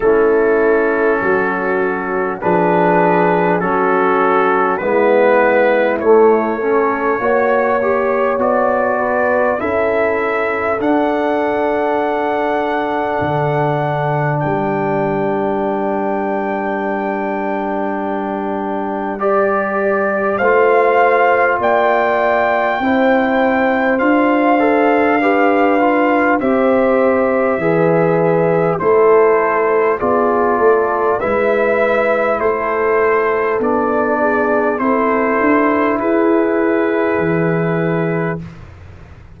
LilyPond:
<<
  \new Staff \with { instrumentName = "trumpet" } { \time 4/4 \tempo 4 = 50 a'2 b'4 a'4 | b'4 cis''2 d''4 | e''4 fis''2. | g''1 |
d''4 f''4 g''2 | f''2 e''2 | c''4 d''4 e''4 c''4 | d''4 c''4 b'2 | }
  \new Staff \with { instrumentName = "horn" } { \time 4/4 e'4 fis'4 gis'4 fis'4 | e'4. a'8 cis''4. b'8 | a'1 | ais'1~ |
ais'4 c''4 d''4 c''4~ | c''4 b'4 c''4 b'4 | a'4 gis'8 a'8 b'4 a'4~ | a'8 gis'8 a'4 gis'2 | }
  \new Staff \with { instrumentName = "trombone" } { \time 4/4 cis'2 d'4 cis'4 | b4 a8 cis'8 fis'8 g'8 fis'4 | e'4 d'2.~ | d'1 |
g'4 f'2 e'4 | f'8 a'8 g'8 f'8 g'4 gis'4 | e'4 f'4 e'2 | d'4 e'2. | }
  \new Staff \with { instrumentName = "tuba" } { \time 4/4 a4 fis4 f4 fis4 | gis4 a4 ais4 b4 | cis'4 d'2 d4 | g1~ |
g4 a4 ais4 c'4 | d'2 c'4 e4 | a4 b8 a8 gis4 a4 | b4 c'8 d'8 e'4 e4 | }
>>